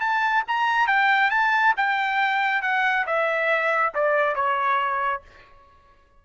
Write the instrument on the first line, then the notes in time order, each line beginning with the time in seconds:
trumpet
0.00 A5
0.48 A#5
0.87 G5
1.30 A5
1.77 G5
2.62 F#5
3.06 E5
3.94 D5
4.35 C#5